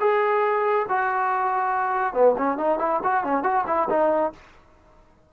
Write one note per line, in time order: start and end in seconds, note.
0.00 0.86 G#4
0.89 2.14 F#4
2.14 2.35 B3
2.38 2.58 C#4
2.58 2.79 D#4
2.79 3.00 E4
3.03 3.24 F#4
3.24 3.43 C#4
3.43 3.64 F#4
3.67 3.88 E4
3.90 4.32 D#4